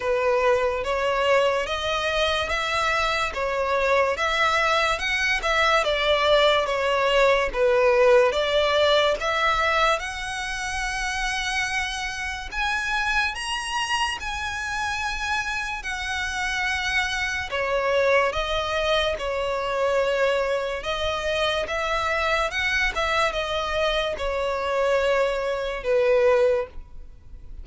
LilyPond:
\new Staff \with { instrumentName = "violin" } { \time 4/4 \tempo 4 = 72 b'4 cis''4 dis''4 e''4 | cis''4 e''4 fis''8 e''8 d''4 | cis''4 b'4 d''4 e''4 | fis''2. gis''4 |
ais''4 gis''2 fis''4~ | fis''4 cis''4 dis''4 cis''4~ | cis''4 dis''4 e''4 fis''8 e''8 | dis''4 cis''2 b'4 | }